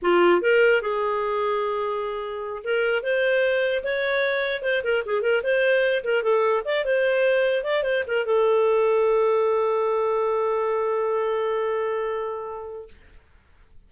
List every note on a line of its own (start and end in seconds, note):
0.01 0.41 F4
0.41 0.81 A#4
0.81 2.63 G#4
2.64 3.02 A#4
3.02 3.83 C5
3.83 4.62 C#5
4.62 4.82 C5
4.83 5.03 A#4
5.05 5.22 G#4
5.22 5.42 A#4
5.43 6.03 C5
6.03 6.22 A#4
6.22 6.62 A4
6.64 6.85 D5
6.85 7.63 C5
7.63 7.83 D5
7.83 8.03 C5
8.07 8.25 A#4
8.25 12.88 A4